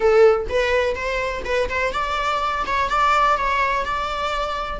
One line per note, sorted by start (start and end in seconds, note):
0.00 0.47 A4
0.49 0.95 B4
0.95 1.43 C5
1.44 1.68 B4
1.69 1.92 C5
1.92 2.64 D5
2.66 2.89 C#5
2.89 3.37 D5
3.37 3.85 C#5
3.85 4.79 D5